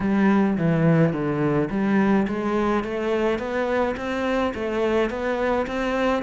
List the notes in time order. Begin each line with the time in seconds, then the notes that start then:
0.00 G3
0.57 E3
1.12 D3
1.70 G3
2.27 G#3
2.84 A3
3.38 B3
3.96 C4
4.54 A3
5.09 B3
5.66 C4